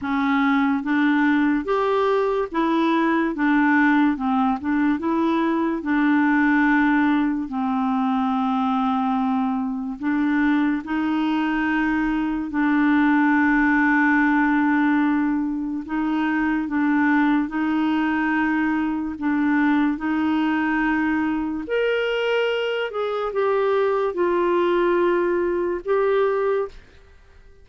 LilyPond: \new Staff \with { instrumentName = "clarinet" } { \time 4/4 \tempo 4 = 72 cis'4 d'4 g'4 e'4 | d'4 c'8 d'8 e'4 d'4~ | d'4 c'2. | d'4 dis'2 d'4~ |
d'2. dis'4 | d'4 dis'2 d'4 | dis'2 ais'4. gis'8 | g'4 f'2 g'4 | }